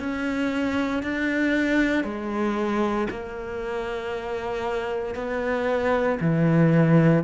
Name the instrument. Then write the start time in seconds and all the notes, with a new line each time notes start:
cello
0.00 C#4
1.03 D4
2.05 G#3
3.10 A#3
5.15 B3
6.21 E3